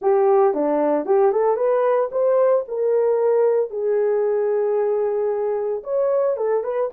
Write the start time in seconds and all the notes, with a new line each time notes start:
0.01 G4
0.54 D4
1.05 G4
1.32 A4
1.56 B4
2.11 C5
2.68 A#4
3.70 G#4
5.83 C#5
6.36 A4
6.63 B4